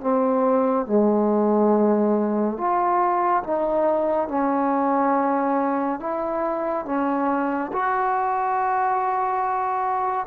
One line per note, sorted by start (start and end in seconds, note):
0.00 0.86 C4
0.86 2.57 G#3
2.57 3.43 F4
3.43 4.28 D#4
4.28 5.99 C#4
6.00 6.85 E4
6.85 7.71 C#4
7.72 10.26 F#4